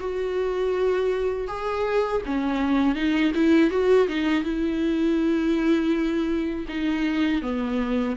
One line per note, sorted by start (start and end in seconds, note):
0.00 1.48 F#4
1.48 2.22 G#4
2.26 2.96 C#4
2.96 3.33 D#4
3.35 3.71 E4
3.71 4.08 F#4
4.09 4.44 D#4
4.44 6.66 E4
6.69 7.42 D#4
7.42 8.16 B3